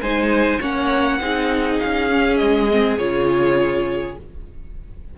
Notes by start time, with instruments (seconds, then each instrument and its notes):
0.00 cello G#3, viola D#4, violin C5 G#5
0.60 cello A#3, viola C#4, violin C#5 F#5
1.20 cello C4, viola D#4, violin G#4
1.80 cello C#4, violin F5
2.11 viola C#4
2.37 cello G#3, violin D#5
2.71 viola C4
2.98 cello C#3, viola F4, violin C#5